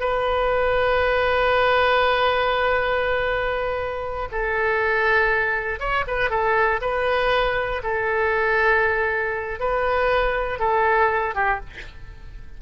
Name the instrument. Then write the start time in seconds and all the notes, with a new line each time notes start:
oboe
0.00 B4
4.32 A4
5.80 C#5
6.07 B4
6.30 A4
6.81 B4
7.83 A4
9.59 B4
10.59 A4
11.34 G4